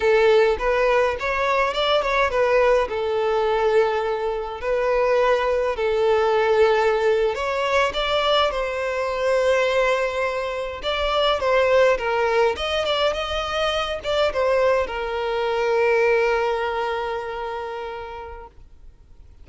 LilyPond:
\new Staff \with { instrumentName = "violin" } { \time 4/4 \tempo 4 = 104 a'4 b'4 cis''4 d''8 cis''8 | b'4 a'2. | b'2 a'2~ | a'8. cis''4 d''4 c''4~ c''16~ |
c''2~ c''8. d''4 c''16~ | c''8. ais'4 dis''8 d''8 dis''4~ dis''16~ | dis''16 d''8 c''4 ais'2~ ais'16~ | ais'1 | }